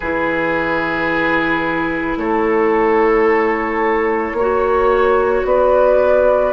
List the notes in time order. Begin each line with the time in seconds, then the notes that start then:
0.00 E3 E4 G#4 B4
2.16 A3 A4 C#5
4.33 A#3 C#5
4.40 F#4
5.45 B3 B4 D5